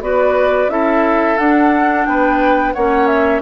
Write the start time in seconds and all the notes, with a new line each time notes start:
0.00 B3 F#4 B4 D5
0.68 C#4 E4 A4 E5
1.37 D4 F#5
2.05 B3 B4 G5
2.73 A#3 C#4 C#5 F#5
3.07 E5